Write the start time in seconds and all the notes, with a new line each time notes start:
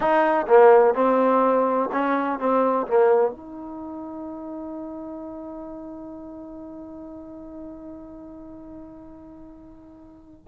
0.00 D#4
0.47 A#3
0.94 C4
1.91 C#4
2.39 C4
2.87 A#3
3.31 D#4